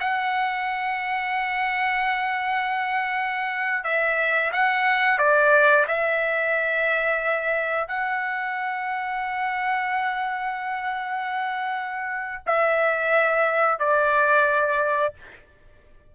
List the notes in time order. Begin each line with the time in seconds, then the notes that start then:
0.00 F#5
3.84 E5
4.52 F#5
5.18 D5
5.87 E5
7.87 F#5
12.46 E5
13.79 D5